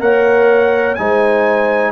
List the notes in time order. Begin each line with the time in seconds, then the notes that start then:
0.00 A#3 A#4 C#5 F#5
0.95 G#3 D#4 C5 G#5